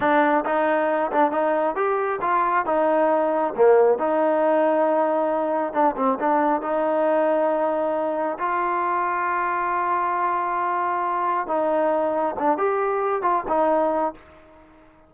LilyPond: \new Staff \with { instrumentName = "trombone" } { \time 4/4 \tempo 4 = 136 d'4 dis'4. d'8 dis'4 | g'4 f'4 dis'2 | ais4 dis'2.~ | dis'4 d'8 c'8 d'4 dis'4~ |
dis'2. f'4~ | f'1~ | f'2 dis'2 | d'8 g'4. f'8 dis'4. | }